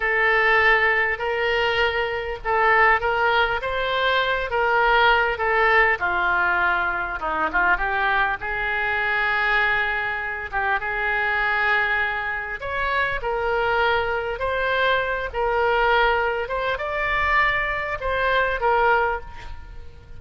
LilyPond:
\new Staff \with { instrumentName = "oboe" } { \time 4/4 \tempo 4 = 100 a'2 ais'2 | a'4 ais'4 c''4. ais'8~ | ais'4 a'4 f'2 | dis'8 f'8 g'4 gis'2~ |
gis'4. g'8 gis'2~ | gis'4 cis''4 ais'2 | c''4. ais'2 c''8 | d''2 c''4 ais'4 | }